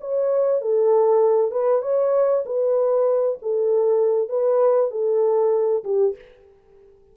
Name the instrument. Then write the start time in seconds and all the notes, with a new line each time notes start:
horn
0.00 C#5
0.61 A4
1.51 B4
1.82 C#5
2.45 B4
3.42 A4
4.28 B4
4.90 A4
5.84 G4